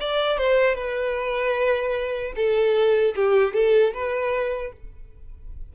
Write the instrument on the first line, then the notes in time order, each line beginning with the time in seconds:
violin
0.00 D5
0.38 C5
0.75 B4
2.35 A4
3.15 G4
3.53 A4
3.94 B4